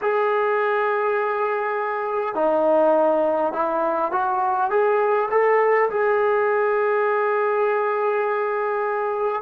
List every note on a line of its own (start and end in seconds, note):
0.01 2.35 G#4
2.35 3.52 D#4
3.52 4.11 E4
4.11 4.70 F#4
4.70 5.29 G#4
5.30 5.89 A4
5.90 9.42 G#4